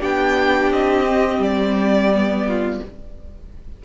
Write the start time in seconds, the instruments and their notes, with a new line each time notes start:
0.00 cello B3, viola D4, violin G4 G5
0.71 cello C4, violin D#5
1.06 viola C4
1.39 cello G3, violin D5
2.14 viola B3
2.47 violin F4